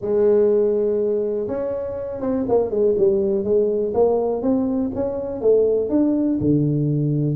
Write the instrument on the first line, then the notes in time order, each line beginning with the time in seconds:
tuba
0.01 G#3
1.47 C#4
2.20 C4
2.48 A#3
2.70 G#3
2.97 G3
3.44 G#3
3.93 A#3
4.42 C4
4.94 C#4
5.41 A3
5.89 D4
6.40 D3